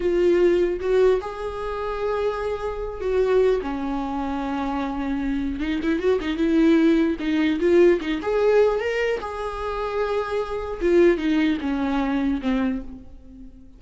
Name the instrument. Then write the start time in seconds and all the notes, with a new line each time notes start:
viola
0.00 F4
0.80 F#4
1.21 G#4
3.00 F#4
3.61 C#4
5.60 D#4
5.82 E4
5.99 F#4
6.21 D#4
6.37 E4
7.19 D#4
7.59 F4
8.01 D#4
8.22 G#4
8.80 A#4
9.20 G#4
10.81 F4
11.17 D#4
11.60 C#4
12.41 C4